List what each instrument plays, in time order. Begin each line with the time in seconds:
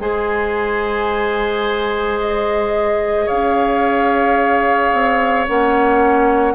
0.00 bassoon G#3, clarinet G#4, oboe C5, flute G#5
2.21 flute D#5
3.26 bassoon C#4, oboe C#5, flute F5
4.93 bassoon C4
5.47 bassoon A#3, clarinet C#4, flute F#5